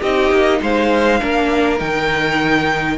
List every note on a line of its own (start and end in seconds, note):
0.00 0.31 C4
0.00 1.20 D#4
0.00 0.59 G4
0.00 0.61 D#5
0.31 0.61 A#3
0.61 1.21 G#3
0.61 1.20 C5
0.61 1.79 F5
1.20 1.80 A#3
1.20 1.77 D4
1.20 2.98 A#4
1.77 2.98 D#3
1.77 2.96 D#4
1.77 2.98 G5